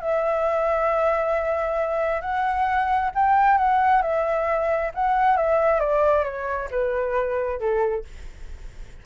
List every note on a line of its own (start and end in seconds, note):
0.00 2.21 E5
2.21 3.10 F#5
3.15 3.57 G5
3.57 4.02 F#5
4.02 4.91 E5
4.94 5.36 F#5
5.36 5.80 E5
5.80 6.24 D5
6.24 6.68 C#5
6.71 7.59 B4
7.59 8.04 A4